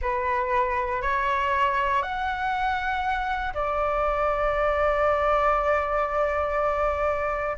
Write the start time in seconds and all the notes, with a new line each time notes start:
0.01 B4
1.02 C#5
2.02 F#5
3.53 D5